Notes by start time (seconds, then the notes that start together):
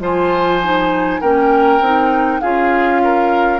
0.00 F3 F4 C5 G#5
0.63 D#4
1.21 A#3 C#4 A#4 G5
1.80 C4 D#4
2.41 C#4 F4 G#4 F5
3.04 A#4